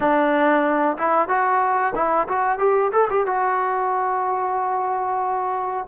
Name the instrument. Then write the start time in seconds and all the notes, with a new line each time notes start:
trombone
0.00 D4
0.97 E4
1.28 F#4
1.95 E4
2.27 F#4
2.58 G4
2.92 A4
3.09 G4
3.26 F#4